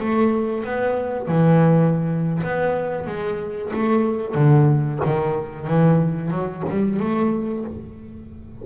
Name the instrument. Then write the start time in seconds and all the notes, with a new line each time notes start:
double bass
0.00 A3
0.65 B3
1.28 E3
2.44 B3
3.07 G#3
3.74 A3
4.35 D3
5.05 D#3
5.67 E3
6.31 F#3
6.70 G3
7.00 A3